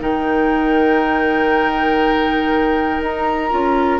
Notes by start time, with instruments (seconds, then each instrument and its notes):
0.00 bassoon D#3, clarinet D#4, oboe A#4, flute G5
3.00 bassoon D#4, flute A#5
3.50 bassoon C#4, clarinet F4